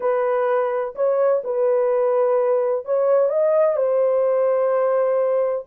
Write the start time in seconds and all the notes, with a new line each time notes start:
0.00 B4
0.95 C#5
1.44 B4
2.85 C#5
3.29 D#5
3.76 C5